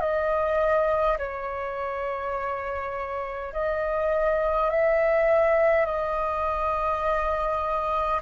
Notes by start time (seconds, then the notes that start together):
0.00 D#5
1.18 C#5
3.53 D#5
4.70 E5
5.86 D#5